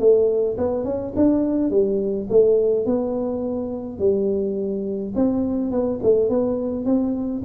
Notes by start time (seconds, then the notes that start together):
0.00 A3
0.58 B3
0.85 C#4
1.16 D4
1.71 G3
2.30 A3
2.86 B3
3.99 G3
5.16 C4
5.71 B3
6.03 A3
6.30 B3
6.86 C4